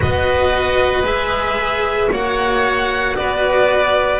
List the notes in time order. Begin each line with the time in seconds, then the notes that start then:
0.00 B3 F#4 B4 D#5
1.03 G#3 G#4 E5
2.11 A#3 F#4 C#5 F#5
3.16 B3 B4 D5